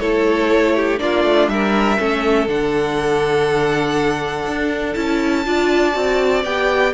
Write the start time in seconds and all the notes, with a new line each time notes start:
0.00 A3 E4 A4 C#5
0.76 G4
0.98 A#3 D4 F4 D5
1.24 A3
1.48 G3 A#4 E5
1.97 A3 C#4 A4
2.48 D3 D4 F#5
4.46 D4
4.93 C#4 E4 A5
5.46 D4 F4 D5
5.93 C4 F#4
6.45 B3 G4 G5